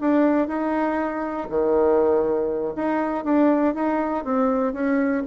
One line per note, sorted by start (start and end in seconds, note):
0.00 0.47 D4
0.47 1.47 D#4
1.49 2.74 D#3
2.75 3.24 D#4
3.24 3.74 D4
3.74 4.24 D#4
4.24 4.73 C4
4.73 5.23 C#4